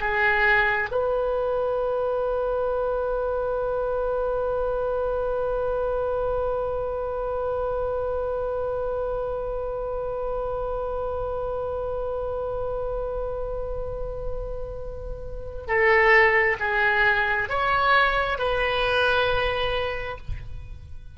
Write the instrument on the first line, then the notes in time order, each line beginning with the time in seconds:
oboe
0.00 G#4
0.91 B4
15.67 A4
16.59 G#4
17.49 C#5
18.38 B4